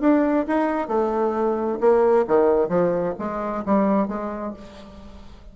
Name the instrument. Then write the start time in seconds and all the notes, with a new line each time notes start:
bassoon
0.00 D4
0.47 D#4
0.88 A3
1.80 A#3
2.27 D#3
2.69 F3
3.18 G#3
3.65 G3
4.08 G#3